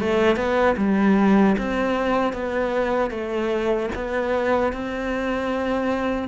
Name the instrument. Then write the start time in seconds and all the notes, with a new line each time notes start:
cello
0.00 A3
0.37 B3
0.78 G3
1.58 C4
2.34 B3
3.11 A3
3.95 B3
4.73 C4